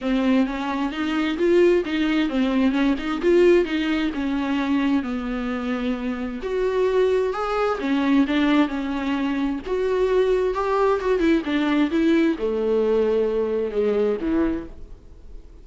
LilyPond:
\new Staff \with { instrumentName = "viola" } { \time 4/4 \tempo 4 = 131 c'4 cis'4 dis'4 f'4 | dis'4 c'4 cis'8 dis'8 f'4 | dis'4 cis'2 b4~ | b2 fis'2 |
gis'4 cis'4 d'4 cis'4~ | cis'4 fis'2 g'4 | fis'8 e'8 d'4 e'4 a4~ | a2 gis4 e4 | }